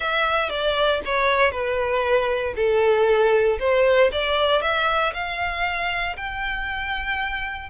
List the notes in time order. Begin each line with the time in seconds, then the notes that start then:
0.00 E5
0.49 D5
1.05 C#5
1.51 B4
2.55 A4
3.59 C5
4.12 D5
4.61 E5
5.13 F5
6.17 G5